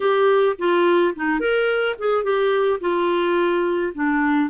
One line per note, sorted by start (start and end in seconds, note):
0.00 0.56 G4
0.58 1.14 F4
1.15 1.40 D#4
1.40 1.96 A#4
1.99 2.23 G#4
2.23 2.79 G4
2.80 3.92 F4
3.94 4.50 D4